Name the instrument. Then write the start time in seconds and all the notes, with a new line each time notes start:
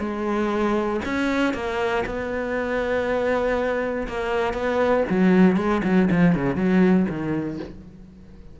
cello
0.00 G#3
1.06 C#4
1.54 A#3
2.06 B3
4.08 A#3
4.54 B3
5.10 F#3
5.57 G#3
5.84 F#3
6.11 F3
6.36 C#3
6.56 F#3
7.09 D#3